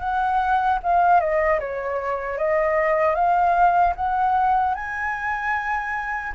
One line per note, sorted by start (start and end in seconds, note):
0.00 0.79 F#5
0.83 1.20 F5
1.20 1.60 D#5
1.60 2.38 C#5
2.38 3.15 D#5
3.15 3.94 F5
3.96 4.74 F#5
4.74 6.32 G#5